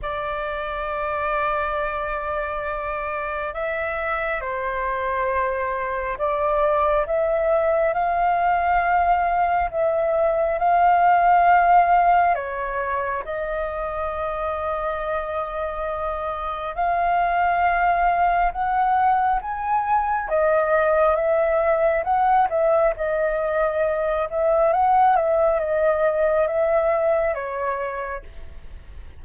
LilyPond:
\new Staff \with { instrumentName = "flute" } { \time 4/4 \tempo 4 = 68 d''1 | e''4 c''2 d''4 | e''4 f''2 e''4 | f''2 cis''4 dis''4~ |
dis''2. f''4~ | f''4 fis''4 gis''4 dis''4 | e''4 fis''8 e''8 dis''4. e''8 | fis''8 e''8 dis''4 e''4 cis''4 | }